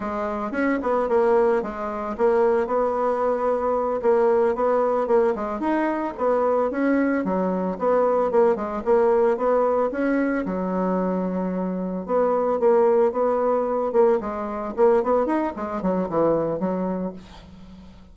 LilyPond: \new Staff \with { instrumentName = "bassoon" } { \time 4/4 \tempo 4 = 112 gis4 cis'8 b8 ais4 gis4 | ais4 b2~ b8 ais8~ | ais8 b4 ais8 gis8 dis'4 b8~ | b8 cis'4 fis4 b4 ais8 |
gis8 ais4 b4 cis'4 fis8~ | fis2~ fis8 b4 ais8~ | ais8 b4. ais8 gis4 ais8 | b8 dis'8 gis8 fis8 e4 fis4 | }